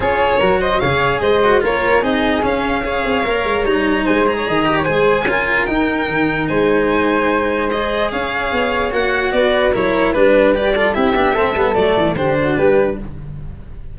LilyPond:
<<
  \new Staff \with { instrumentName = "violin" } { \time 4/4 \tempo 4 = 148 cis''4. dis''8 f''4 dis''4 | cis''4 dis''4 f''2~ | f''4 ais''4 gis''8 ais''4. | gis''2 g''2 |
gis''2. dis''4 | f''2 fis''4 d''4 | cis''4 b'4 d''4 e''4~ | e''4 d''4 c''4 b'4 | }
  \new Staff \with { instrumentName = "flute" } { \time 4/4 gis'4 ais'8 c''8 cis''4 c''4 | ais'4 gis'2 cis''4~ | cis''2 c''8. cis''16 dis''8. cis''16 | c''4 ais'2. |
c''1 | cis''2. b'4 | ais'4 b'4. a'8 g'4 | a'2 g'8 fis'8 g'4 | }
  \new Staff \with { instrumentName = "cello" } { \time 4/4 f'4 fis'4 gis'4. fis'8 | f'4 dis'4 cis'4 gis'4 | ais'4 dis'4. gis'4 g'8 | gis'4 f'4 dis'2~ |
dis'2. gis'4~ | gis'2 fis'2 | e'4 d'4 g'8 f'8 e'8 d'8 | c'8 b8 a4 d'2 | }
  \new Staff \with { instrumentName = "tuba" } { \time 4/4 cis'4 fis4 cis4 gis4 | ais4 c'4 cis'4. c'8 | ais8 gis8 g4 gis4 dis4 | gis4 cis'4 dis'4 dis4 |
gis1 | cis'4 b4 ais4 b4 | fis4 g2 c'8 b8 | a8 g8 fis8 e8 d4 g4 | }
>>